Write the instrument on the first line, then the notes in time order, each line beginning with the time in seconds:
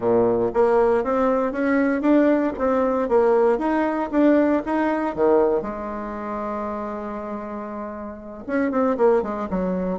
bassoon
0.00 A#2
0.53 A#3
1.04 C4
1.52 C#4
2.01 D4
2.58 C4
3.08 A#3
3.58 D#4
4.11 D4
4.65 D#4
5.15 D#3
5.62 G#3
8.47 C#4
8.71 C4
8.97 A#3
9.22 G#3
9.50 F#3